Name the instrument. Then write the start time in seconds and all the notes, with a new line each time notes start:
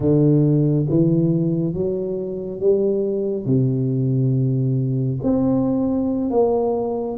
tuba
0.00 D3
0.89 E3
1.74 F#3
2.60 G3
3.45 C3
5.23 C4
6.30 A#3